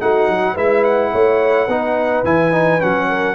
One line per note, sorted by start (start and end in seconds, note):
0.00 0.28 A3
0.00 0.56 D#4
0.00 0.54 F#4
0.00 0.57 F#5
0.28 0.56 F#3
0.54 1.13 G#3
0.54 1.68 E4
0.54 1.10 B4
0.54 0.84 E5
0.84 2.24 F#5
1.12 1.67 A3
1.12 1.68 C#5
1.67 2.23 B3
1.67 2.25 D#4
1.67 3.08 B4
2.24 2.80 E3
2.24 2.52 E4
2.24 2.81 G#5
2.52 2.80 D#4
2.80 3.35 F#3
2.80 3.35 C#4
2.80 3.35 F#5
3.08 3.35 A#4